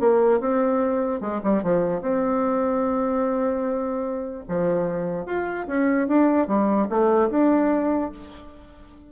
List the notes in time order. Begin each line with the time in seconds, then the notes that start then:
0.00 A#3
0.41 C4
1.21 G#3
1.44 G3
1.63 F3
2.02 C4
4.49 F3
5.26 F4
5.68 C#4
6.08 D4
6.48 G3
6.90 A3
7.30 D4